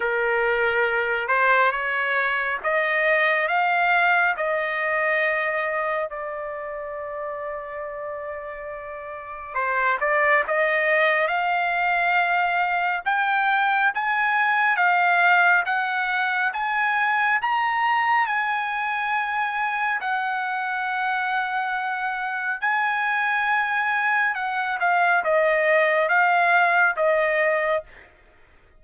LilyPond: \new Staff \with { instrumentName = "trumpet" } { \time 4/4 \tempo 4 = 69 ais'4. c''8 cis''4 dis''4 | f''4 dis''2 d''4~ | d''2. c''8 d''8 | dis''4 f''2 g''4 |
gis''4 f''4 fis''4 gis''4 | ais''4 gis''2 fis''4~ | fis''2 gis''2 | fis''8 f''8 dis''4 f''4 dis''4 | }